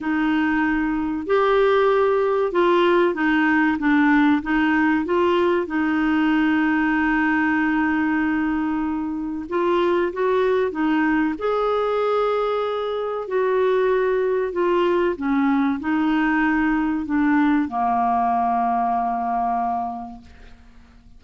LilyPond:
\new Staff \with { instrumentName = "clarinet" } { \time 4/4 \tempo 4 = 95 dis'2 g'2 | f'4 dis'4 d'4 dis'4 | f'4 dis'2.~ | dis'2. f'4 |
fis'4 dis'4 gis'2~ | gis'4 fis'2 f'4 | cis'4 dis'2 d'4 | ais1 | }